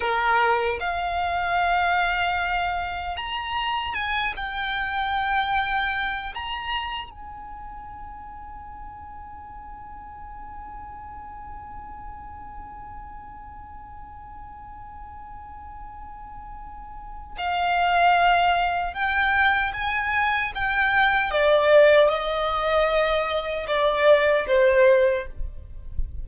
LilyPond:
\new Staff \with { instrumentName = "violin" } { \time 4/4 \tempo 4 = 76 ais'4 f''2. | ais''4 gis''8 g''2~ g''8 | ais''4 gis''2.~ | gis''1~ |
gis''1~ | gis''2 f''2 | g''4 gis''4 g''4 d''4 | dis''2 d''4 c''4 | }